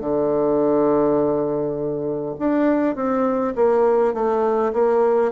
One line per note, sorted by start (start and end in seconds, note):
0.00 2.35 D3
2.39 2.95 D4
2.95 3.54 C4
3.56 4.14 A#3
4.14 4.73 A3
4.73 5.32 A#3